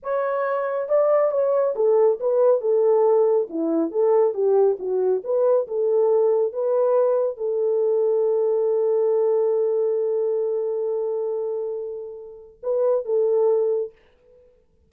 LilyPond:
\new Staff \with { instrumentName = "horn" } { \time 4/4 \tempo 4 = 138 cis''2 d''4 cis''4 | a'4 b'4 a'2 | e'4 a'4 g'4 fis'4 | b'4 a'2 b'4~ |
b'4 a'2.~ | a'1~ | a'1~ | a'4 b'4 a'2 | }